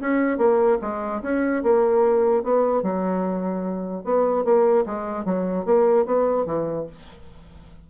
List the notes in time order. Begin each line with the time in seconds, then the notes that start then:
0.00 C#4
0.37 A#3
0.81 G#3
1.22 C#4
1.62 A#3
2.43 B3
2.82 F#3
4.04 B3
4.44 A#3
4.85 G#3
5.25 F#3
5.65 A#3
6.05 B3
6.46 E3